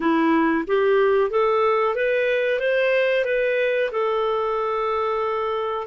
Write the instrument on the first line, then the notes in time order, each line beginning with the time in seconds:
clarinet
0.00 E4
0.67 G4
1.30 A4
1.95 B4
2.59 C5
3.25 B4
3.91 A4